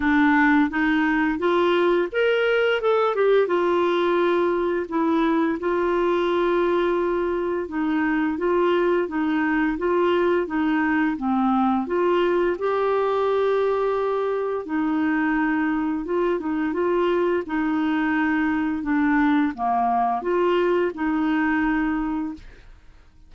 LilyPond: \new Staff \with { instrumentName = "clarinet" } { \time 4/4 \tempo 4 = 86 d'4 dis'4 f'4 ais'4 | a'8 g'8 f'2 e'4 | f'2. dis'4 | f'4 dis'4 f'4 dis'4 |
c'4 f'4 g'2~ | g'4 dis'2 f'8 dis'8 | f'4 dis'2 d'4 | ais4 f'4 dis'2 | }